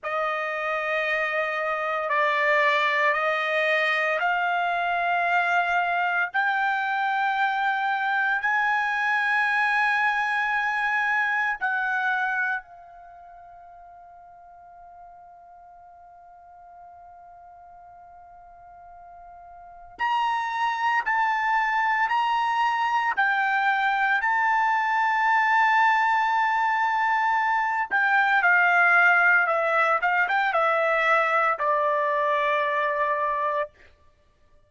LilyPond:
\new Staff \with { instrumentName = "trumpet" } { \time 4/4 \tempo 4 = 57 dis''2 d''4 dis''4 | f''2 g''2 | gis''2. fis''4 | f''1~ |
f''2. ais''4 | a''4 ais''4 g''4 a''4~ | a''2~ a''8 g''8 f''4 | e''8 f''16 g''16 e''4 d''2 | }